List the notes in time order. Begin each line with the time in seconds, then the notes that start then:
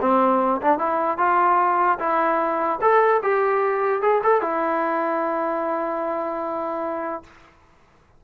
0.00 C4
0.61 D4
0.78 E4
1.18 F4
1.99 E4
2.81 A4
3.22 G4
4.01 G#4
4.23 A4
4.41 E4